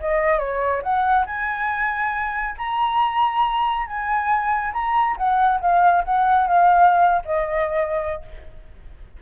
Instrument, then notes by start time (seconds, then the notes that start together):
flute
0.00 D#5
0.39 C#5
0.83 F#5
1.27 G#5
2.58 A#5
3.87 G#5
4.73 A#5
5.17 F#5
5.61 F5
6.05 F#5
6.47 F5
7.25 D#5